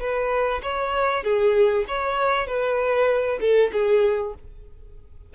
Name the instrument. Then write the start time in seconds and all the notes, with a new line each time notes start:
violin
0.00 B4
0.62 C#5
1.23 G#4
1.88 C#5
2.47 B4
3.40 A4
3.72 G#4